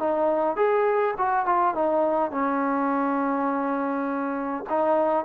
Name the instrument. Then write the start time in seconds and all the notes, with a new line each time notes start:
trombone
0.00 D#4
0.57 G#4
1.18 F#4
1.46 F4
1.75 D#4
2.31 C#4
4.70 D#4